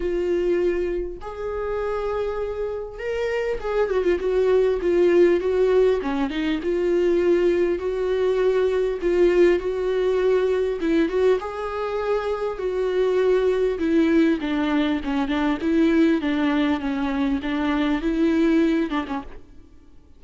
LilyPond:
\new Staff \with { instrumentName = "viola" } { \time 4/4 \tempo 4 = 100 f'2 gis'2~ | gis'4 ais'4 gis'8 fis'16 f'16 fis'4 | f'4 fis'4 cis'8 dis'8 f'4~ | f'4 fis'2 f'4 |
fis'2 e'8 fis'8 gis'4~ | gis'4 fis'2 e'4 | d'4 cis'8 d'8 e'4 d'4 | cis'4 d'4 e'4. d'16 cis'16 | }